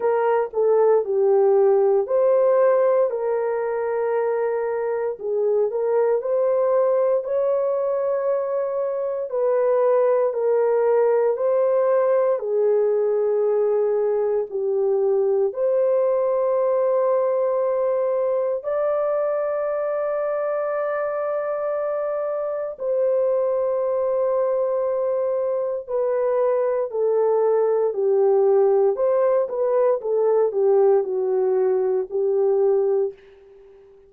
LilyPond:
\new Staff \with { instrumentName = "horn" } { \time 4/4 \tempo 4 = 58 ais'8 a'8 g'4 c''4 ais'4~ | ais'4 gis'8 ais'8 c''4 cis''4~ | cis''4 b'4 ais'4 c''4 | gis'2 g'4 c''4~ |
c''2 d''2~ | d''2 c''2~ | c''4 b'4 a'4 g'4 | c''8 b'8 a'8 g'8 fis'4 g'4 | }